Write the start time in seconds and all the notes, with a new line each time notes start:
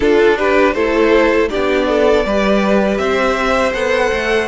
0.00 D4 F4 A4
0.38 G4 B4
0.73 A3 E4 A4 C5
1.49 B3 D4 G4 D5
1.88 A4
2.25 G3 G4 B4
2.97 C4 C5 E5
3.73 B3 A4 F#5
4.12 A3